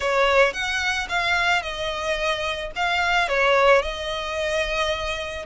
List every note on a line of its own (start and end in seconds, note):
0.00 0.53 C#5
0.53 1.07 F#5
1.08 1.62 F5
1.62 2.71 D#5
2.75 3.28 F5
3.28 3.82 C#5
3.82 5.45 D#5